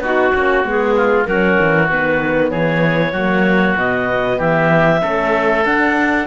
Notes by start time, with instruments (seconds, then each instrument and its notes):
0.00 cello B3, horn D#4, oboe F#4, clarinet F#4
0.35 cello A#3, horn C#4
0.64 cello G#3, horn B3, clarinet G#4
0.96 oboe F4
1.25 cello F#3, horn C#4, oboe F#4, clarinet A#4
1.60 cello E3
1.89 cello D#3, horn B3, clarinet B4
2.51 cello E3, oboe G#4, clarinet C#5
3.12 cello F#3, horn A#3, oboe F#4
3.77 cello B2, horn B3, clarinet D#5
4.38 cello E3, oboe G4, clarinet E5
5.01 cello A3, horn C#4, oboe A4
5.65 cello D4, horn D4, clarinet F#5